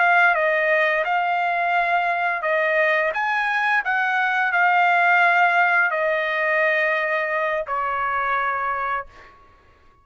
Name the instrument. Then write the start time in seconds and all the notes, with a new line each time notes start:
trumpet
0.00 F5
0.35 D#5
1.05 F5
2.43 D#5
3.14 G#5
3.85 F#5
4.53 F5
5.91 D#5
7.67 C#5